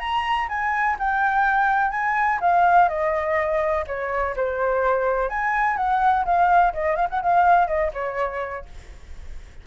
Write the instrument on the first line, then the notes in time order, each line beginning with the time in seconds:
flute
0.00 A#5
0.48 G#5
0.99 G5
1.91 G#5
2.41 F5
2.89 D#5
3.87 C#5
4.36 C5
5.30 G#5
5.76 F#5
6.25 F5
6.74 D#5
6.96 F5
7.10 F#5
7.22 F5
7.67 D#5
7.93 C#5